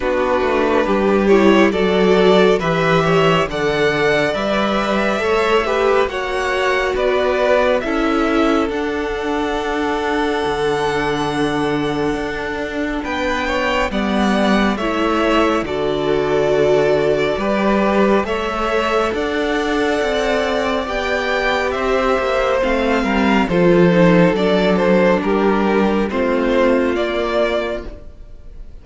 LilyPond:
<<
  \new Staff \with { instrumentName = "violin" } { \time 4/4 \tempo 4 = 69 b'4. cis''8 d''4 e''4 | fis''4 e''2 fis''4 | d''4 e''4 fis''2~ | fis''2. g''4 |
fis''4 e''4 d''2~ | d''4 e''4 fis''2 | g''4 e''4 f''4 c''4 | d''8 c''8 ais'4 c''4 d''4 | }
  \new Staff \with { instrumentName = "violin" } { \time 4/4 fis'4 g'4 a'4 b'8 cis''8 | d''2 cis''8 b'8 cis''4 | b'4 a'2.~ | a'2. b'8 cis''8 |
d''4 cis''4 a'2 | b'4 cis''4 d''2~ | d''4 c''4. ais'8 a'4~ | a'4 g'4 f'2 | }
  \new Staff \with { instrumentName = "viola" } { \time 4/4 d'4. e'8 fis'4 g'4 | a'4 b'4 a'8 g'8 fis'4~ | fis'4 e'4 d'2~ | d'1 |
b4 e'4 fis'2 | g'4 a'2. | g'2 c'4 f'8 dis'8 | d'2 c'4 ais4 | }
  \new Staff \with { instrumentName = "cello" } { \time 4/4 b8 a8 g4 fis4 e4 | d4 g4 a4 ais4 | b4 cis'4 d'2 | d2 d'4 b4 |
g4 a4 d2 | g4 a4 d'4 c'4 | b4 c'8 ais8 a8 g8 f4 | fis4 g4 a4 ais4 | }
>>